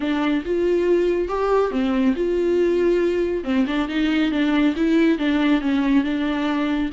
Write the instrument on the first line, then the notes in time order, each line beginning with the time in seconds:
viola
0.00 D4
0.45 F4
1.28 G4
1.71 C4
2.15 F4
3.43 C4
3.66 D4
3.88 D#4
4.31 D4
4.76 E4
5.18 D4
5.61 C#4
6.04 D4